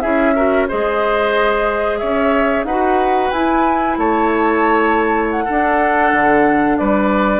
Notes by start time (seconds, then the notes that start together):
0.00 C#4 E4 G#4 E5
0.35 F#4 A#4
0.68 G#3 G#4 C5 D#5
1.98 C#4 C#5 E5
2.64 D#4 F#4 B4 F#5
3.30 E4 G#5
3.97 A3 C#5 A5
5.30 F#5
5.44 D4 A4
6.12 D3
6.77 G3 B4 D5